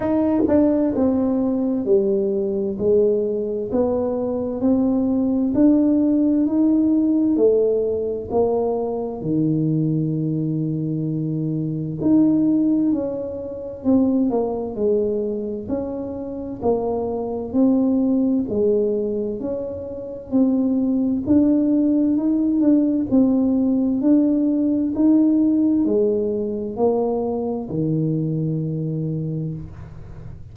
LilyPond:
\new Staff \with { instrumentName = "tuba" } { \time 4/4 \tempo 4 = 65 dis'8 d'8 c'4 g4 gis4 | b4 c'4 d'4 dis'4 | a4 ais4 dis2~ | dis4 dis'4 cis'4 c'8 ais8 |
gis4 cis'4 ais4 c'4 | gis4 cis'4 c'4 d'4 | dis'8 d'8 c'4 d'4 dis'4 | gis4 ais4 dis2 | }